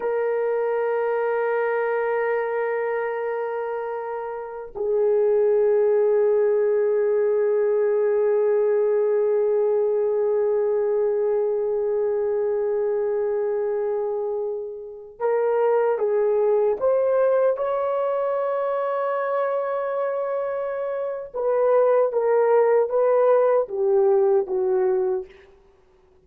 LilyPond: \new Staff \with { instrumentName = "horn" } { \time 4/4 \tempo 4 = 76 ais'1~ | ais'2 gis'2~ | gis'1~ | gis'1~ |
gis'2.~ gis'16 ais'8.~ | ais'16 gis'4 c''4 cis''4.~ cis''16~ | cis''2. b'4 | ais'4 b'4 g'4 fis'4 | }